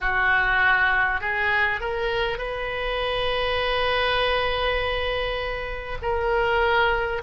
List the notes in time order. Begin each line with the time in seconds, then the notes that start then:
0.01 F#4
1.21 G#4
1.80 A#4
2.38 B4
6.02 A#4